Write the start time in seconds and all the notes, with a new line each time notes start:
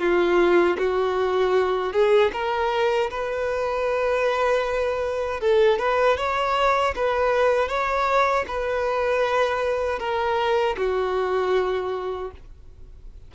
0.00 F4
0.78 F#4
1.93 G#4
2.33 A#4
3.10 B4
5.41 A4
5.79 B4
6.17 C#5
6.96 B4
7.69 C#5
8.48 B4
10.00 A#4
10.78 F#4